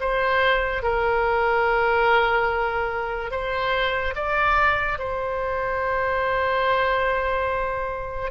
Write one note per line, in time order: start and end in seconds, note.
0.00 0.82 C5
0.82 3.31 A#4
3.31 4.14 C5
4.15 4.98 D5
4.98 8.31 C5